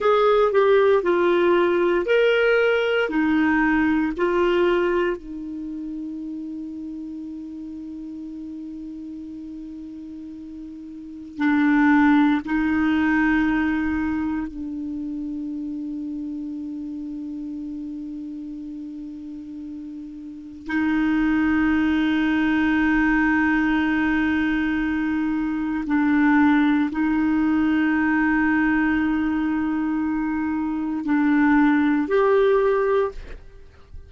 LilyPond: \new Staff \with { instrumentName = "clarinet" } { \time 4/4 \tempo 4 = 58 gis'8 g'8 f'4 ais'4 dis'4 | f'4 dis'2.~ | dis'2. d'4 | dis'2 d'2~ |
d'1 | dis'1~ | dis'4 d'4 dis'2~ | dis'2 d'4 g'4 | }